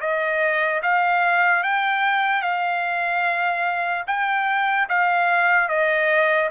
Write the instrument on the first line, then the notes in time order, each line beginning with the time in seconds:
trumpet
0.00 D#5
0.82 F5
1.63 G5
2.41 F5
4.07 G5
4.89 F5
5.68 D#5